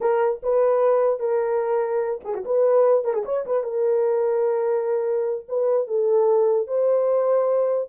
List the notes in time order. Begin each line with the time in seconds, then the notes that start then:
0.00 A#4
0.42 B4
1.19 A#4
2.24 G#4
2.34 F#4
2.45 B4
3.04 A#4
3.13 G#4
3.25 C#5
3.46 B4
3.63 A#4
5.48 B4
5.87 A4
6.67 C5